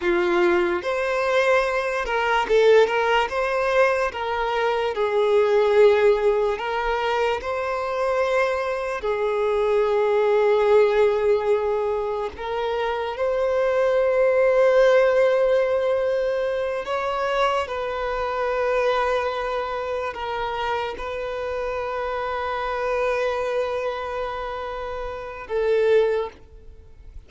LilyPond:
\new Staff \with { instrumentName = "violin" } { \time 4/4 \tempo 4 = 73 f'4 c''4. ais'8 a'8 ais'8 | c''4 ais'4 gis'2 | ais'4 c''2 gis'4~ | gis'2. ais'4 |
c''1~ | c''8 cis''4 b'2~ b'8~ | b'8 ais'4 b'2~ b'8~ | b'2. a'4 | }